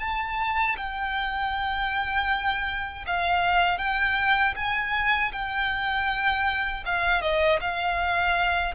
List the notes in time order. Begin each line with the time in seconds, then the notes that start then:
0.00 A5
0.77 G5
3.07 F5
3.78 G5
4.56 G#5
5.32 G5
6.86 F5
7.22 D#5
7.61 F5